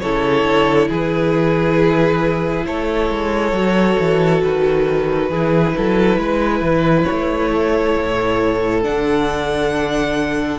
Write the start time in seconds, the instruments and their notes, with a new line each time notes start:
0.00 cello C#3, viola E4, violin A4 C#5
0.43 cello D3
0.88 cello E3, violin G#4 B4
2.65 cello A3, violin A4 C#5
3.10 cello G#3
3.52 cello F#3, viola F#4
3.99 cello E3
4.43 cello D#3, violin B4
5.30 cello E3, viola E4, violin G#4
5.76 cello F#3, violin A4
6.17 cello G#3, violin B4
6.61 cello E3
7.04 violin C#5
7.11 cello A3
7.51 violin A4
7.97 cello A2
8.82 cello D3, viola D4, violin F#5